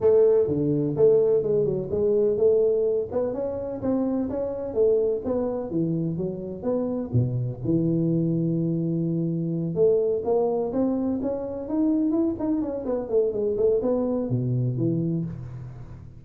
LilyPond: \new Staff \with { instrumentName = "tuba" } { \time 4/4 \tempo 4 = 126 a4 d4 a4 gis8 fis8 | gis4 a4. b8 cis'4 | c'4 cis'4 a4 b4 | e4 fis4 b4 b,4 |
e1~ | e8 a4 ais4 c'4 cis'8~ | cis'8 dis'4 e'8 dis'8 cis'8 b8 a8 | gis8 a8 b4 b,4 e4 | }